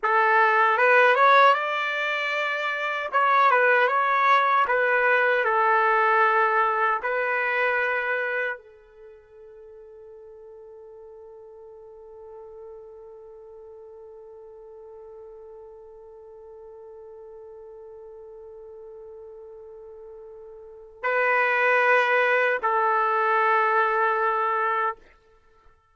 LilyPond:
\new Staff \with { instrumentName = "trumpet" } { \time 4/4 \tempo 4 = 77 a'4 b'8 cis''8 d''2 | cis''8 b'8 cis''4 b'4 a'4~ | a'4 b'2 a'4~ | a'1~ |
a'1~ | a'1~ | a'2. b'4~ | b'4 a'2. | }